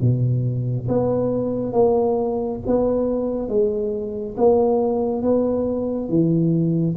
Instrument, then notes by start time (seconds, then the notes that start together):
tuba
0.00 B2
0.88 B3
1.72 A#3
2.66 B3
3.48 G#3
4.37 A#3
5.22 B3
6.09 E3